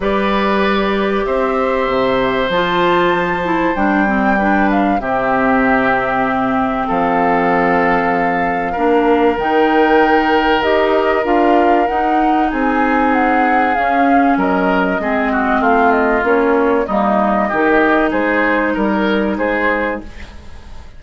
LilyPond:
<<
  \new Staff \with { instrumentName = "flute" } { \time 4/4 \tempo 4 = 96 d''2 e''2 | a''2 g''4. f''8 | e''2. f''4~ | f''2. g''4~ |
g''4 dis''4 f''4 fis''4 | gis''4 fis''4 f''4 dis''4~ | dis''4 f''8 dis''8 cis''4 dis''4~ | dis''4 c''4 ais'4 c''4 | }
  \new Staff \with { instrumentName = "oboe" } { \time 4/4 b'2 c''2~ | c''2. b'4 | g'2. a'4~ | a'2 ais'2~ |
ais'1 | gis'2. ais'4 | gis'8 fis'8 f'2 dis'4 | g'4 gis'4 ais'4 gis'4 | }
  \new Staff \with { instrumentName = "clarinet" } { \time 4/4 g'1 | f'4. e'8 d'8 c'8 d'4 | c'1~ | c'2 d'4 dis'4~ |
dis'4 g'4 f'4 dis'4~ | dis'2 cis'2 | c'2 cis'4 ais4 | dis'1 | }
  \new Staff \with { instrumentName = "bassoon" } { \time 4/4 g2 c'4 c4 | f2 g2 | c2. f4~ | f2 ais4 dis4~ |
dis4 dis'4 d'4 dis'4 | c'2 cis'4 fis4 | gis4 a4 ais4 g4 | dis4 gis4 g4 gis4 | }
>>